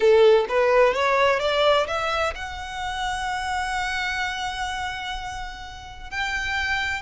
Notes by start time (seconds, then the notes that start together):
0.00 A4
0.48 B4
0.93 C#5
1.39 D5
1.87 E5
2.35 F#5
6.10 G5